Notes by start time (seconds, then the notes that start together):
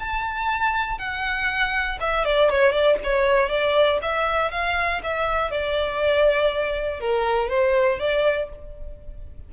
0.00 A5
0.99 F#5
2.01 E5
2.25 D5
2.50 C#5
2.72 D5
3.04 C#5
3.50 D5
4.03 E5
4.52 F5
5.04 E5
5.51 D5
7.00 A#4
7.50 C5
8.00 D5